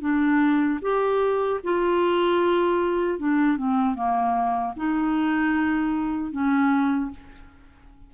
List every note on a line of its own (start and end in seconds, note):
0.00 0.79 D4
0.81 1.60 G4
1.63 3.18 F4
3.18 3.57 D4
3.57 3.94 C4
3.94 4.73 A#3
4.76 6.31 D#4
6.31 7.10 C#4